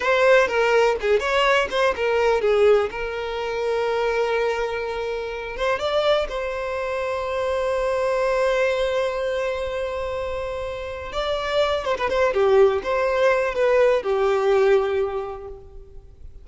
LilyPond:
\new Staff \with { instrumentName = "violin" } { \time 4/4 \tempo 4 = 124 c''4 ais'4 gis'8 cis''4 c''8 | ais'4 gis'4 ais'2~ | ais'2.~ ais'8 c''8 | d''4 c''2.~ |
c''1~ | c''2. d''4~ | d''8 c''16 b'16 c''8 g'4 c''4. | b'4 g'2. | }